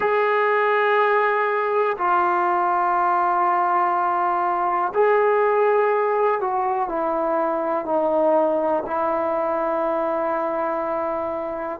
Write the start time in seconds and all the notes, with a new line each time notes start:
0.00 G#4
1.97 F4
4.94 G#4
6.41 F#4
6.89 E4
7.85 D#4
8.86 E4